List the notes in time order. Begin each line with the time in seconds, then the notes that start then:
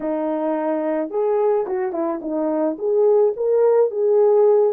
0.00 D#4
1.10 G#4
1.66 F#4
1.92 E4
2.21 D#4
2.78 G#4
3.36 A#4
3.90 G#4